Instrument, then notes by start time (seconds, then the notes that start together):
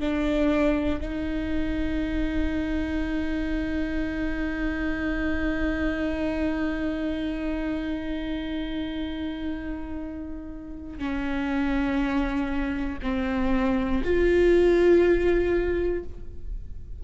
viola
0.00 D4
1.00 D#4
10.99 C#4
13.02 C4
14.04 F4